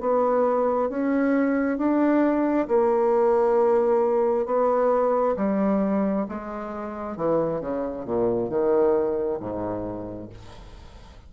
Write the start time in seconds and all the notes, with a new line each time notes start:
0.00 B3
0.89 C#4
1.78 D4
2.68 A#3
4.46 B3
5.36 G3
6.28 G#3
7.16 E3
7.60 C#3
8.05 A#2
8.50 D#3
9.39 G#2